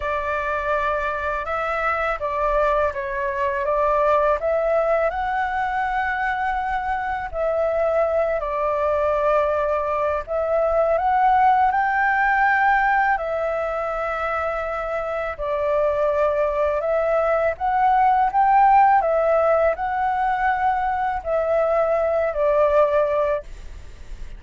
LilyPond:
\new Staff \with { instrumentName = "flute" } { \time 4/4 \tempo 4 = 82 d''2 e''4 d''4 | cis''4 d''4 e''4 fis''4~ | fis''2 e''4. d''8~ | d''2 e''4 fis''4 |
g''2 e''2~ | e''4 d''2 e''4 | fis''4 g''4 e''4 fis''4~ | fis''4 e''4. d''4. | }